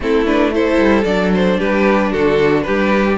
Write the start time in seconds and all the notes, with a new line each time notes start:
0.00 A3 C4 E4 A4
0.26 D4 B4
0.52 E4 A4 C5
0.77 G3
1.04 F#3 D4 D5
1.34 C5
1.58 G3 G4 B4
2.11 D3 F#4 A4
2.62 G3 G4 B4